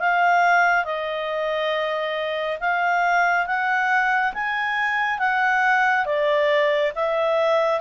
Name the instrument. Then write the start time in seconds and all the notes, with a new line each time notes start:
clarinet
0.00 F5
0.85 D#5
2.60 F5
3.47 F#5
4.34 G#5
5.19 F#5
6.06 D5
6.96 E5